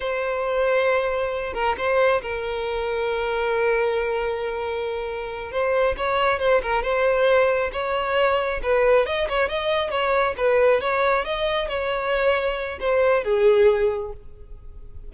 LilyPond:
\new Staff \with { instrumentName = "violin" } { \time 4/4 \tempo 4 = 136 c''2.~ c''8 ais'8 | c''4 ais'2.~ | ais'1~ | ais'8 c''4 cis''4 c''8 ais'8 c''8~ |
c''4. cis''2 b'8~ | b'8 dis''8 cis''8 dis''4 cis''4 b'8~ | b'8 cis''4 dis''4 cis''4.~ | cis''4 c''4 gis'2 | }